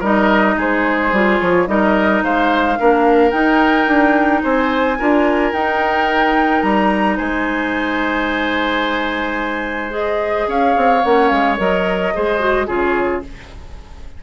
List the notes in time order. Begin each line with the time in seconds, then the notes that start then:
0.00 G3 D#4 A#4 D#5
0.57 G#3 G#4 C5
1.12 G3 F4
1.40 F3 C#5
1.67 G3 D#4 A#4 D#5
2.23 G#3 C5 F5
2.79 A#3 D4 A#4
3.31 D#4 G5
3.88 D4
4.43 C4 C5 G#5
4.99 D4 F4 A#4
5.53 D#4 G5
6.62 G3 A#5
7.17 G#3 C5 G#5
9.91 G#4 D#5
10.48 C#4 C#5 F5
10.77 C4
11.04 A#3 C#4 F#5
11.28 G#3 F5
11.58 F#3 A#4 D#5
12.14 G#3 G#4 C5
12.39 F#4
12.67 C#3 F4 G#4 C#5